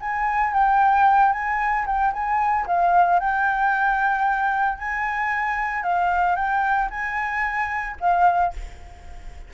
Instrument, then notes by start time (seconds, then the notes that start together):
flute
0.00 G#5
0.53 G5
1.32 G#5
1.86 G5
2.13 G#5
2.66 F5
3.19 G5
4.78 G#5
5.83 F5
6.36 G5
6.90 G#5
8.00 F5